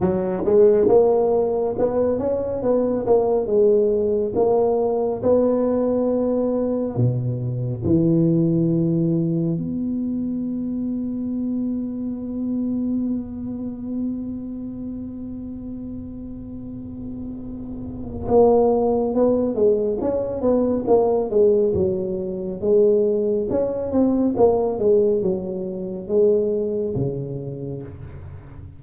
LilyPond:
\new Staff \with { instrumentName = "tuba" } { \time 4/4 \tempo 4 = 69 fis8 gis8 ais4 b8 cis'8 b8 ais8 | gis4 ais4 b2 | b,4 e2 b4~ | b1~ |
b1~ | b4 ais4 b8 gis8 cis'8 b8 | ais8 gis8 fis4 gis4 cis'8 c'8 | ais8 gis8 fis4 gis4 cis4 | }